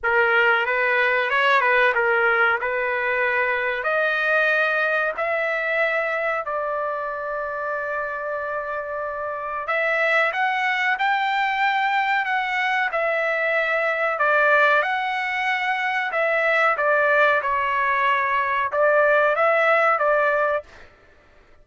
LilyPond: \new Staff \with { instrumentName = "trumpet" } { \time 4/4 \tempo 4 = 93 ais'4 b'4 cis''8 b'8 ais'4 | b'2 dis''2 | e''2 d''2~ | d''2. e''4 |
fis''4 g''2 fis''4 | e''2 d''4 fis''4~ | fis''4 e''4 d''4 cis''4~ | cis''4 d''4 e''4 d''4 | }